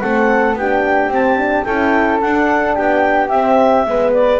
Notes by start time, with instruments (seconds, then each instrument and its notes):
0.00 double bass A3, horn C4, flute A4, clarinet F#5
0.54 double bass B3, flute G4, clarinet G5
0.60 horn D4
1.07 double bass C4, horn C4
1.14 clarinet A5
1.37 horn D4
1.64 double bass C#4, horn E4, flute A4, clarinet G5
2.21 horn D4, double bass D4, clarinet F#5
2.75 double bass B3, flute G4, clarinet G5
3.29 horn C4, double bass C4, clarinet E5
3.86 double bass G#3, horn B3, flute B4
4.13 clarinet D5